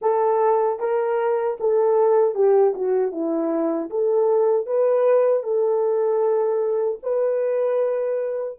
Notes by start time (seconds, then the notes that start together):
0.01 A4
0.79 A#4
1.60 A4
2.34 G4
2.74 F#4
3.11 E4
3.90 A4
4.66 B4
5.43 A4
7.02 B4